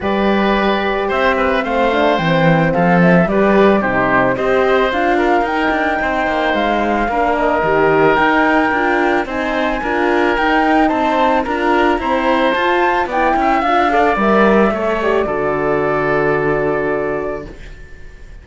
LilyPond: <<
  \new Staff \with { instrumentName = "flute" } { \time 4/4 \tempo 4 = 110 d''2 e''4 f''4 | g''4 f''8 e''8 d''4 c''4 | dis''4 f''4 g''2 | f''4. dis''4. g''4~ |
g''4 gis''2 g''4 | a''4 ais''2 a''4 | g''4 f''4 e''4. d''8~ | d''1 | }
  \new Staff \with { instrumentName = "oboe" } { \time 4/4 b'2 c''8 b'8 c''4~ | c''4 a'4 b'4 g'4 | c''4. ais'4. c''4~ | c''4 ais'2.~ |
ais'4 c''4 ais'2 | c''4 ais'4 c''2 | d''8 e''4 d''4. cis''4 | a'1 | }
  \new Staff \with { instrumentName = "horn" } { \time 4/4 g'2. c'8 d'8 | c'2 g'4 dis'4 | g'4 f'4 dis'2~ | dis'4 d'4 g'4 dis'4 |
f'4 dis'4 f'4 dis'4~ | dis'4 f'4 c'4 f'4 | e'4 f'8 a'8 ais'4 a'8 g'8 | fis'1 | }
  \new Staff \with { instrumentName = "cello" } { \time 4/4 g2 c'4 a4 | e4 f4 g4 c4 | c'4 d'4 dis'8 d'8 c'8 ais8 | gis4 ais4 dis4 dis'4 |
d'4 c'4 d'4 dis'4 | c'4 d'4 e'4 f'4 | b8 cis'8 d'4 g4 a4 | d1 | }
>>